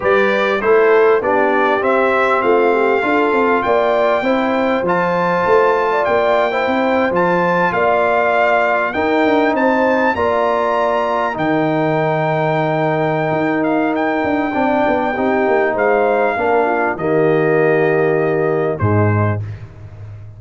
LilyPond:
<<
  \new Staff \with { instrumentName = "trumpet" } { \time 4/4 \tempo 4 = 99 d''4 c''4 d''4 e''4 | f''2 g''2 | a''2 g''4.~ g''16 a''16~ | a''8. f''2 g''4 a''16~ |
a''8. ais''2 g''4~ g''16~ | g''2~ g''8 f''8 g''4~ | g''2 f''2 | dis''2. c''4 | }
  \new Staff \with { instrumentName = "horn" } { \time 4/4 b'4 a'4 g'2 | f'8 g'8 a'4 d''4 c''4~ | c''4.~ c''16 d''4 c''4~ c''16~ | c''8. d''2 ais'4 c''16~ |
c''8. d''2 ais'4~ ais'16~ | ais'1 | d''4 g'4 c''4 ais'8 f'8 | g'2. dis'4 | }
  \new Staff \with { instrumentName = "trombone" } { \time 4/4 g'4 e'4 d'4 c'4~ | c'4 f'2 e'4 | f'2~ f'8. e'4 f'16~ | f'2~ f'8. dis'4~ dis'16~ |
dis'8. f'2 dis'4~ dis'16~ | dis'1 | d'4 dis'2 d'4 | ais2. gis4 | }
  \new Staff \with { instrumentName = "tuba" } { \time 4/4 g4 a4 b4 c'4 | a4 d'8 c'8 ais4 c'4 | f4 a4 ais4 c'8. f16~ | f8. ais2 dis'8 d'8 c'16~ |
c'8. ais2 dis4~ dis16~ | dis2 dis'4. d'8 | c'8 b8 c'8 ais8 gis4 ais4 | dis2. gis,4 | }
>>